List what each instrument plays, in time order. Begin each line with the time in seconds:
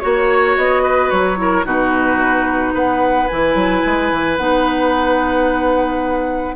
0.00 bassoon A#3, clarinet F#4, flute C#5, oboe C#5
0.57 bassoon B3, flute D#5
0.83 oboe B4
1.10 bassoon F#3, flute C#5
1.37 clarinet E4, oboe A#4
1.65 bassoon B2, clarinet D#4, oboe F#4, flute B4
2.74 bassoon B3, oboe B4, flute F#5
3.28 bassoon E3, clarinet E4, flute G#5
3.55 bassoon F#3
3.86 bassoon G#3
4.12 bassoon E3
4.37 bassoon B3, clarinet D#4, flute F#5